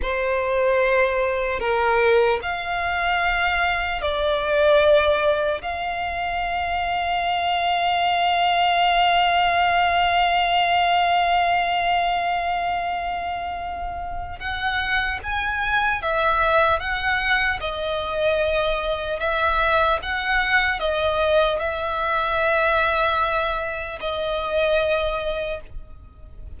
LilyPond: \new Staff \with { instrumentName = "violin" } { \time 4/4 \tempo 4 = 75 c''2 ais'4 f''4~ | f''4 d''2 f''4~ | f''1~ | f''1~ |
f''2 fis''4 gis''4 | e''4 fis''4 dis''2 | e''4 fis''4 dis''4 e''4~ | e''2 dis''2 | }